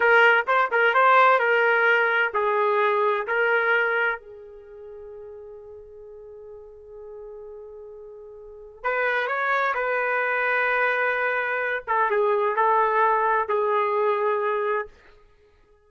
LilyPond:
\new Staff \with { instrumentName = "trumpet" } { \time 4/4 \tempo 4 = 129 ais'4 c''8 ais'8 c''4 ais'4~ | ais'4 gis'2 ais'4~ | ais'4 gis'2.~ | gis'1~ |
gis'2. b'4 | cis''4 b'2.~ | b'4. a'8 gis'4 a'4~ | a'4 gis'2. | }